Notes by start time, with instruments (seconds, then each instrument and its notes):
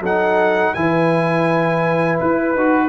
0.00 tuba F#3, trombone D#4, horn A4, trumpet F#5
0.74 tuba E3, trombone E4, horn B4, trumpet G#5
2.20 tuba E4, trumpet B4
2.55 tuba D#4, trombone F#4